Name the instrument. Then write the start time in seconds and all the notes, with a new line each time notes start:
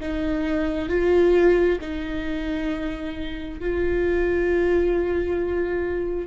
viola
0.00 D#4
0.89 F4
1.81 D#4
3.60 F4